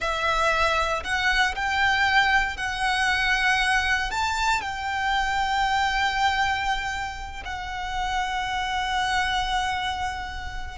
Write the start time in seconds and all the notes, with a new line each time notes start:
0.00 E5
1.03 F#5
1.55 G5
2.56 F#5
4.10 A5
4.61 G5
7.45 F#5